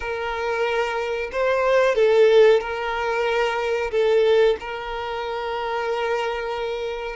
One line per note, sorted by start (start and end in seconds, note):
0.00 1.30 A#4
1.32 1.95 C5
1.95 2.60 A4
2.60 3.90 A#4
3.91 4.56 A4
4.60 7.16 A#4